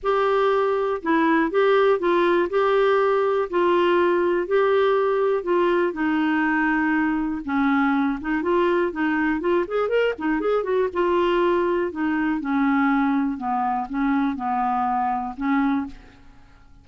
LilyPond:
\new Staff \with { instrumentName = "clarinet" } { \time 4/4 \tempo 4 = 121 g'2 e'4 g'4 | f'4 g'2 f'4~ | f'4 g'2 f'4 | dis'2. cis'4~ |
cis'8 dis'8 f'4 dis'4 f'8 gis'8 | ais'8 dis'8 gis'8 fis'8 f'2 | dis'4 cis'2 b4 | cis'4 b2 cis'4 | }